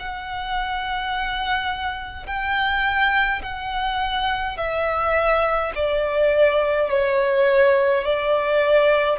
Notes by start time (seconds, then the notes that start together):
0.00 F#5
2.27 G5
3.42 F#5
4.57 E5
5.75 D5
6.90 C#5
8.05 D5